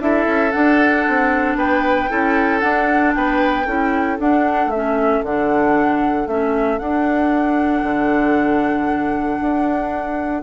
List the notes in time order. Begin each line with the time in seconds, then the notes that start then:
0.00 D4 E4 A4 E5
0.27 C#4
0.52 D4 F#5
1.08 C4
1.56 B3 B4 G5
2.09 C#4 E4 A4
2.60 D4 F#5
3.15 B3 B4 G5
3.67 C#4 E4 A4
4.19 D4 F#5
4.67 A3 E5
4.74 C#4
5.23 D3 D4 F#5
6.27 A3 C#4 E5
6.79 D4 F#5
7.83 D3
9.41 D4